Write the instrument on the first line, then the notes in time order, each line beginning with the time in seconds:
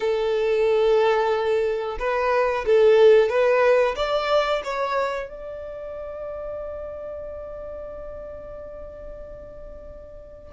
violin
0.00 A4
1.99 B4
2.66 A4
3.29 B4
3.96 D5
4.64 C#5
5.29 D5